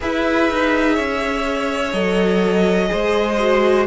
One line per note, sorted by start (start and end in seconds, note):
0.00 0.50 E4
0.00 1.93 G#4
0.00 0.94 B4
0.00 1.92 E5
0.50 0.98 D#4
0.94 1.93 C#4
0.94 2.88 C#5
1.92 2.90 F#3
1.92 2.87 A4
1.92 3.86 D#5
2.87 3.86 G#3
2.87 3.35 G#4
2.87 3.86 C5
3.38 3.86 F#4